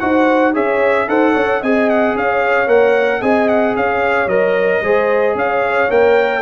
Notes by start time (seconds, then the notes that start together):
0.00 D#4 F#4 C5 F#5
0.54 C#4 G#4 C#5 E5
1.08 D#4 A4 C5 F#5
1.32 C#4 C#5
1.61 C4 G#4 D#5 G#5
1.90 F#5
2.15 C#4 C#5 F5
2.68 A#3 A#4 F#5
3.21 C4 G#4 D#5 G#5
3.49 F#5
3.76 C#4 C#5 F5
4.27 F#3 A#4 D#5
4.81 G#3 G#4 C5
5.35 C#4 C#5 F5
5.91 A#3 A#4 G5